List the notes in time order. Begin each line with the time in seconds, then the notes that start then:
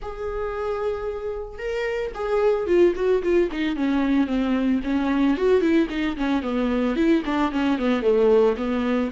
0.02 G#4
1.58 A#4
2.14 G#4
2.66 F4
2.95 F#4
3.23 F4
3.51 D#4
3.75 C#4
4.26 C4
4.83 C#4
5.37 F#4
5.61 E4
5.89 D#4
6.16 C#4
6.42 B3
6.95 E4
7.25 D4
7.51 C#4
7.78 B3
8.02 A3
8.56 B3